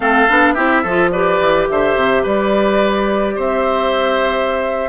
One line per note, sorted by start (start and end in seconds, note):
0.00 0.28 A3
0.00 0.28 C4
0.00 0.54 A4
0.00 0.53 F5
0.29 0.57 B3
0.29 0.56 D4
0.53 0.84 C4
0.53 0.84 E4
0.53 0.82 G4
0.53 1.09 E5
0.82 1.40 F3
0.82 1.10 A4
0.88 1.13 F4
1.10 4.89 G4
1.10 1.68 B4
1.10 1.66 D5
1.40 1.68 E3
1.69 1.96 D3
1.69 2.22 C5
1.69 2.25 E5
1.96 2.24 C3
2.22 3.37 G3
2.22 3.35 B4
2.22 3.39 D5
3.35 4.89 C4
3.35 4.89 C5
3.35 4.89 E5